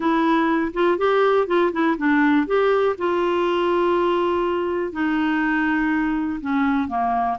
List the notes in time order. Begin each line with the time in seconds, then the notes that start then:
0.00 E4
0.73 F4
0.97 G4
1.47 F4
1.72 E4
1.97 D4
2.46 G4
2.98 F4
4.92 D#4
6.40 C#4
6.88 A#3